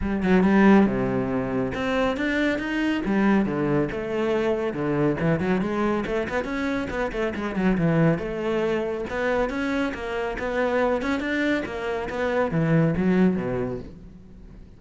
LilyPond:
\new Staff \with { instrumentName = "cello" } { \time 4/4 \tempo 4 = 139 g8 fis8 g4 c2 | c'4 d'4 dis'4 g4 | d4 a2 d4 | e8 fis8 gis4 a8 b8 cis'4 |
b8 a8 gis8 fis8 e4 a4~ | a4 b4 cis'4 ais4 | b4. cis'8 d'4 ais4 | b4 e4 fis4 b,4 | }